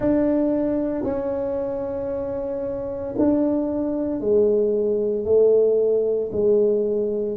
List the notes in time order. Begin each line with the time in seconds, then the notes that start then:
0.00 D4
1.03 C#4
3.18 D4
4.20 G#3
5.24 A3
6.32 G#3